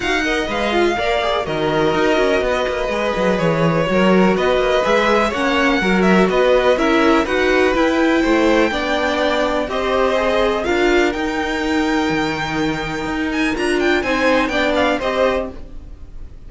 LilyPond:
<<
  \new Staff \with { instrumentName = "violin" } { \time 4/4 \tempo 4 = 124 fis''4 f''2 dis''4~ | dis''2. cis''4~ | cis''4 dis''4 e''4 fis''4~ | fis''8 e''8 dis''4 e''4 fis''4 |
g''1 | dis''2 f''4 g''4~ | g''2.~ g''8 gis''8 | ais''8 g''8 gis''4 g''8 f''8 dis''4 | }
  \new Staff \with { instrumentName = "violin" } { \time 4/4 f''8 dis''4. d''4 ais'4~ | ais'4 b'2. | ais'4 b'2 cis''4 | ais'4 b'4 ais'4 b'4~ |
b'4 c''4 d''2 | c''2 ais'2~ | ais'1~ | ais'4 c''4 d''4 c''4 | }
  \new Staff \with { instrumentName = "viola" } { \time 4/4 fis'8 ais'8 b'8 f'8 ais'8 gis'8 fis'4~ | fis'2 gis'2 | fis'2 gis'4 cis'4 | fis'2 e'4 fis'4 |
e'2 d'2 | g'4 gis'4 f'4 dis'4~ | dis'1 | f'4 dis'4 d'4 g'4 | }
  \new Staff \with { instrumentName = "cello" } { \time 4/4 dis'4 gis4 ais4 dis4 | dis'8 cis'8 b8 ais8 gis8 fis8 e4 | fis4 b8 ais8 gis4 ais4 | fis4 b4 cis'4 dis'4 |
e'4 a4 b2 | c'2 d'4 dis'4~ | dis'4 dis2 dis'4 | d'4 c'4 b4 c'4 | }
>>